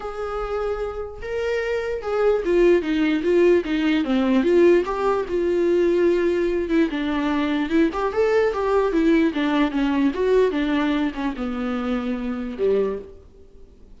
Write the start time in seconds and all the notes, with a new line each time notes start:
0.00 G#4
1.22 A#4
2.02 G#4
2.45 F4
2.82 D#4
3.23 F4
3.64 D#4
4.04 C4
4.43 F4
4.85 G4
5.28 F4
6.69 E4
6.90 D4
7.69 E4
7.93 G4
8.13 A4
8.53 G4
8.92 E4
9.34 D4
9.71 C#4
10.14 F#4
10.51 D4
11.14 C#4
11.36 B3
12.57 G3